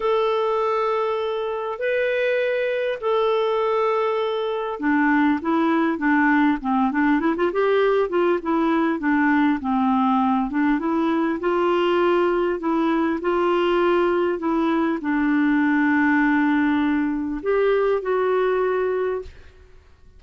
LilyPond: \new Staff \with { instrumentName = "clarinet" } { \time 4/4 \tempo 4 = 100 a'2. b'4~ | b'4 a'2. | d'4 e'4 d'4 c'8 d'8 | e'16 f'16 g'4 f'8 e'4 d'4 |
c'4. d'8 e'4 f'4~ | f'4 e'4 f'2 | e'4 d'2.~ | d'4 g'4 fis'2 | }